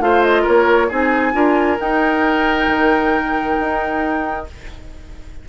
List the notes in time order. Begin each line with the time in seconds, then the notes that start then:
0.00 A3 F4 C5 F5
0.24 D#5
0.42 A#3 A#4 C#5
0.89 C4 D#4 G#4 G#5
1.33 D4 F4 A#4
1.79 D#4 G5
2.67 D#3
3.60 D#4